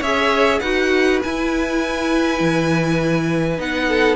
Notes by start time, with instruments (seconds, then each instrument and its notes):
0.00 cello C#4, viola G#4, violin C#5 E5
0.60 cello D#4, viola F#4, violin B4 F#5
1.23 viola E4, cello E4, violin G#5
2.41 cello E3
3.58 cello B3, viola D#4, violin F#5
3.89 violin A4